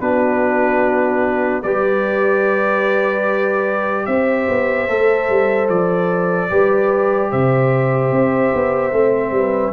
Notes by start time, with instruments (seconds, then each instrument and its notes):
0.00 tuba B3, trombone D4, horn F#4, trumpet B4
1.62 tuba G3, trombone G4, horn B4, trumpet D5
4.05 tuba C4, horn C5, trumpet E5
4.48 tuba B3
4.87 tuba A3, trombone A4
5.29 tuba G3
5.68 tuba F3, trumpet D5
6.50 tuba G3, trombone G4, horn B4
7.31 tuba C3, horn C5, trumpet E5
8.11 tuba C4
8.53 tuba B3
8.92 tuba A3, trombone C4
9.31 tuba G3, horn B4